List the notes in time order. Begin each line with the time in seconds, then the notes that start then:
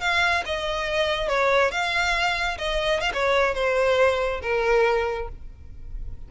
0.00 F5
0.45 D#5
1.28 C#5
1.71 F5
2.58 D#5
3.00 F5
3.13 C#5
3.54 C5
4.42 A#4